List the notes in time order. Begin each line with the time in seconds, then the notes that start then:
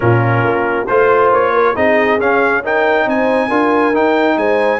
0.00 A#2 C#4 F4 A#4
0.44 A#3
0.86 A3 F4 C5
1.32 A#3 C#5
1.52 A#4
1.75 C4 D#4 G#4 D#5
2.19 C#4 F5
2.63 D#4 A#4 G5
3.06 C4 C5 G#5
3.48 D4 F4 A#4
3.93 D#4 G5
4.36 G#3 C5 G#5